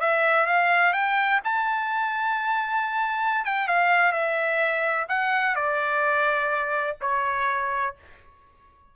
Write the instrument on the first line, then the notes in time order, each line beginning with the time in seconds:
trumpet
0.00 E5
0.46 F5
0.93 G5
1.44 A5
3.45 G5
3.67 F5
4.12 E5
5.09 F#5
5.55 D5
7.01 C#5